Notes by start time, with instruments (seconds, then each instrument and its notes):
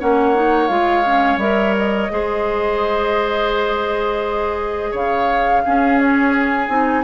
0.00 bassoon A#3, clarinet C#4, oboe C#5, flute F#5
0.36 clarinet D#4
0.68 bassoon G#3, clarinet F4, flute F5
1.06 clarinet C#4
1.37 bassoon G3, clarinet A#4, flute E5
1.77 flute D#5
2.11 bassoon G#3, clarinet G#4, oboe C5
4.91 bassoon C#3, oboe C#5, flute F5
5.65 clarinet C#4, bassoon C#4, oboe G#4
6.00 flute C#5
6.37 flute G#5
6.69 bassoon C4, clarinet D#4